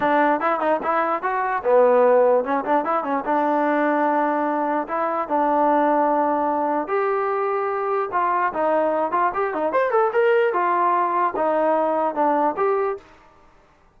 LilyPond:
\new Staff \with { instrumentName = "trombone" } { \time 4/4 \tempo 4 = 148 d'4 e'8 dis'8 e'4 fis'4 | b2 cis'8 d'8 e'8 cis'8 | d'1 | e'4 d'2.~ |
d'4 g'2. | f'4 dis'4. f'8 g'8 dis'8 | c''8 a'8 ais'4 f'2 | dis'2 d'4 g'4 | }